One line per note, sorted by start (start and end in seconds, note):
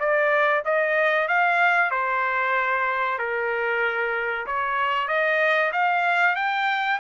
0.00 0.64 D5
0.65 1.28 D#5
1.28 1.91 F5
1.91 3.19 C5
3.19 4.46 A#4
4.47 5.08 C#5
5.08 5.72 D#5
5.73 6.36 F5
6.36 7.00 G5